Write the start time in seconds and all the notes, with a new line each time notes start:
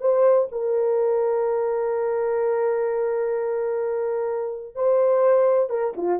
0.00 C5
0.51 A#4
4.75 C5
5.69 A#4
5.96 F4